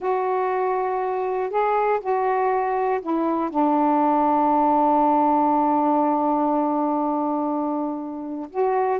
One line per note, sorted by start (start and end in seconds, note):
0.00 1.50 F#4
1.50 2.00 G#4
2.00 3.00 F#4
3.01 3.50 E4
3.50 8.50 D4
8.50 9.00 F#4